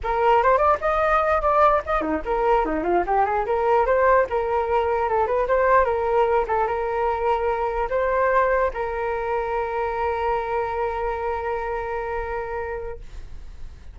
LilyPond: \new Staff \with { instrumentName = "flute" } { \time 4/4 \tempo 4 = 148 ais'4 c''8 d''8 dis''4. d''8~ | d''8 dis''8 dis'8 ais'4 dis'8 f'8 g'8 | gis'8 ais'4 c''4 ais'4.~ | ais'8 a'8 b'8 c''4 ais'4. |
a'8 ais'2. c''8~ | c''4. ais'2~ ais'8~ | ais'1~ | ais'1 | }